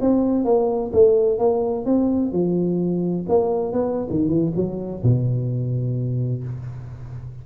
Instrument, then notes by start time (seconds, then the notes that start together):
tuba
0.00 C4
0.44 A#3
0.93 A3
1.38 A#3
1.85 C4
2.32 F3
3.28 A#3
3.72 B3
4.10 D#3
4.28 E3
4.56 F#3
5.02 B2